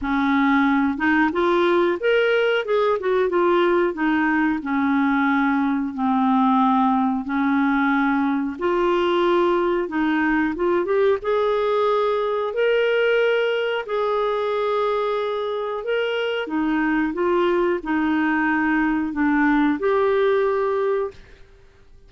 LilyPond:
\new Staff \with { instrumentName = "clarinet" } { \time 4/4 \tempo 4 = 91 cis'4. dis'8 f'4 ais'4 | gis'8 fis'8 f'4 dis'4 cis'4~ | cis'4 c'2 cis'4~ | cis'4 f'2 dis'4 |
f'8 g'8 gis'2 ais'4~ | ais'4 gis'2. | ais'4 dis'4 f'4 dis'4~ | dis'4 d'4 g'2 | }